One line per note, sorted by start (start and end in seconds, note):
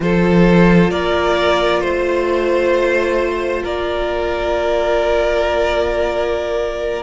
0.00 0.90 F3
0.00 7.02 F4
0.00 0.90 A4
0.00 0.91 C5
0.90 1.81 A#3
0.90 1.81 A#4
0.90 1.80 D5
1.80 3.63 A3
1.80 3.62 C5
1.80 3.63 C5
3.63 7.02 A#3
3.63 7.02 A#4
3.63 7.02 D5